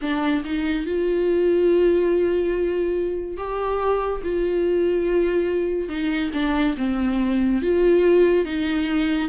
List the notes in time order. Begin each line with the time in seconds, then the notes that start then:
0.01 D4
0.44 D#4
0.86 F4
3.36 G4
4.23 F4
5.88 D#4
6.33 D4
6.77 C4
7.62 F4
8.45 D#4